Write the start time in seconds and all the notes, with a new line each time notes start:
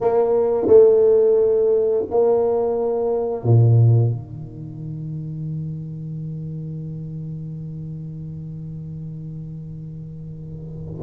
0.00 A#3
0.67 A3
2.10 A#3
3.43 A#2
4.11 D#3